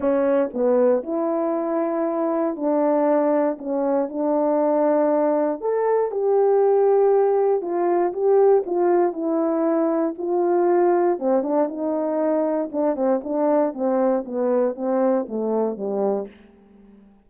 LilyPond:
\new Staff \with { instrumentName = "horn" } { \time 4/4 \tempo 4 = 118 cis'4 b4 e'2~ | e'4 d'2 cis'4 | d'2. a'4 | g'2. f'4 |
g'4 f'4 e'2 | f'2 c'8 d'8 dis'4~ | dis'4 d'8 c'8 d'4 c'4 | b4 c'4 a4 g4 | }